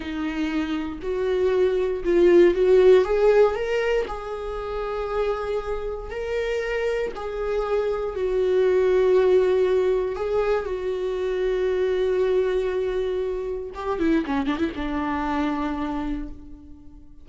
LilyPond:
\new Staff \with { instrumentName = "viola" } { \time 4/4 \tempo 4 = 118 dis'2 fis'2 | f'4 fis'4 gis'4 ais'4 | gis'1 | ais'2 gis'2 |
fis'1 | gis'4 fis'2.~ | fis'2. g'8 e'8 | cis'8 d'16 e'16 d'2. | }